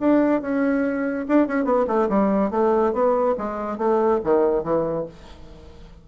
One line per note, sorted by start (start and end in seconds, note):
0.00 0.42 D4
0.42 1.26 C#4
1.29 1.48 D4
1.48 1.65 C#4
1.65 1.86 B3
1.88 2.09 A3
2.09 2.51 G3
2.51 2.93 A3
2.93 3.36 B3
3.38 3.78 G#3
3.78 4.20 A3
4.24 4.64 D#3
4.64 5.06 E3